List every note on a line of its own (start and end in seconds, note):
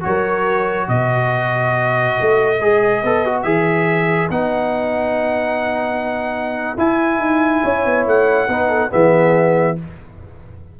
0.00 0.88 F#3
0.00 2.57 F#4
0.00 0.88 C#5
0.07 0.88 A#4
0.88 2.16 B2
0.88 7.63 B4
0.88 3.42 D#5
2.20 2.60 A3
2.60 3.03 G#3
2.60 3.03 G#4
3.03 3.44 B3
3.03 3.25 A4
3.25 3.44 F#4
3.42 4.29 E3
3.42 4.30 G#4
3.42 4.28 E5
4.29 6.76 B3
4.29 6.77 D#4
4.29 6.77 F#5
6.77 8.48 E4
6.77 7.18 E4
6.77 8.06 G#5
7.18 7.61 D#4
7.63 7.85 C#4
7.63 8.48 C#5
7.85 8.06 B3
8.06 8.48 A3
8.06 8.92 F#5
8.48 8.90 B3
8.48 8.89 D#4
8.48 8.68 B4
8.68 8.90 A4
8.89 9.79 E3
8.89 9.75 B3
8.89 9.78 G#4
8.89 9.77 E5